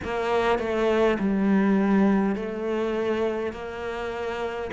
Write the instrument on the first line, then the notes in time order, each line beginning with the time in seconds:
cello
0.04 A#3
0.58 A3
1.19 G3
2.35 A3
3.52 A#3